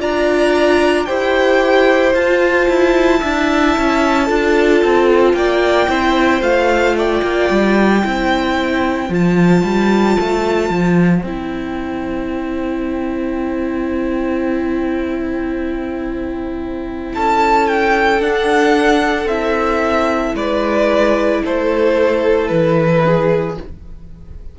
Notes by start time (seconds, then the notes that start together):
0.00 D4 F4 D5 A#5
1.06 E4 G4 C5 G5
2.14 F4 A5
2.69 E4
3.20 D4 E4 E5
3.77 C#4
4.25 D4 F4 A4
4.84 C4
5.34 A#3 D5 G5
5.88 C4 E4 C5
6.41 A3 F4 F5
6.97 D5 G5
7.22 A#3
7.50 G3
8.02 C4 E4 C5
9.09 F3 F4 A5
9.64 G3
10.20 A3
10.69 F3
11.23 C4 E4 G5
17.14 C#4 A4 A5
17.67 G5
18.19 D4 F#5
19.25 C4 E4 E5
20.35 G#3 B4 D5
21.44 A3 A4 C5
22.48 E3 B4
23.05 G#4